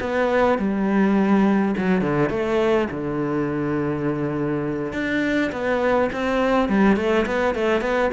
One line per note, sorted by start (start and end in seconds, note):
0.00 0.58 B3
0.58 1.75 G3
1.77 2.01 F#3
2.01 2.30 D3
2.30 2.88 A3
2.91 4.93 D3
4.93 5.51 D4
5.52 6.10 B3
6.12 6.69 C4
6.69 6.96 G3
6.96 7.26 A3
7.26 7.55 B3
7.55 7.81 A3
7.81 8.10 B3